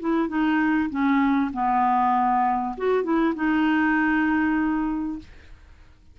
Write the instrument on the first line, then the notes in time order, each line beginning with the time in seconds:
clarinet
0.00 E4
0.28 D#4
0.90 C#4
1.53 B3
2.77 F#4
3.04 E4
3.35 D#4